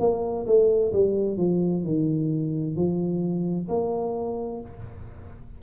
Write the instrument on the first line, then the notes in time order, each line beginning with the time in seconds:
tuba
0.00 A#3
0.47 A3
0.93 G3
1.38 F3
1.84 D#3
2.76 F3
3.69 A#3